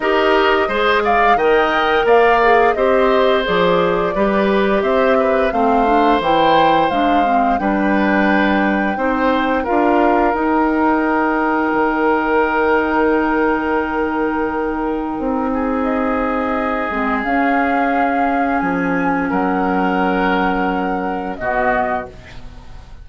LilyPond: <<
  \new Staff \with { instrumentName = "flute" } { \time 4/4 \tempo 4 = 87 dis''4. f''8 g''4 f''4 | dis''4 d''2 e''4 | f''4 g''4 f''4 g''4~ | g''2 f''4 g''4~ |
g''1~ | g''2. dis''4~ | dis''4 f''2 gis''4 | fis''2. dis''4 | }
  \new Staff \with { instrumentName = "oboe" } { \time 4/4 ais'4 c''8 d''8 dis''4 d''4 | c''2 b'4 c''8 b'8 | c''2. b'4~ | b'4 c''4 ais'2~ |
ais'1~ | ais'2~ ais'8 gis'4.~ | gis'1 | ais'2. fis'4 | }
  \new Staff \with { instrumentName = "clarinet" } { \time 4/4 g'4 gis'4 ais'4. gis'8 | g'4 gis'4 g'2 | c'8 d'8 e'4 d'8 c'8 d'4~ | d'4 dis'4 f'4 dis'4~ |
dis'1~ | dis'1~ | dis'8 c'8 cis'2.~ | cis'2. b4 | }
  \new Staff \with { instrumentName = "bassoon" } { \time 4/4 dis'4 gis4 dis4 ais4 | c'4 f4 g4 c'4 | a4 e4 gis4 g4~ | g4 c'4 d'4 dis'4~ |
dis'4 dis2.~ | dis2 c'2~ | c'8 gis8 cis'2 f4 | fis2. b,4 | }
>>